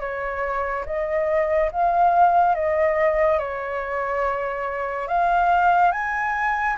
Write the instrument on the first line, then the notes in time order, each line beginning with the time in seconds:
flute
0.00 C#5
0.86 D#5
1.72 F5
2.55 D#5
3.39 C#5
5.08 F5
5.92 G#5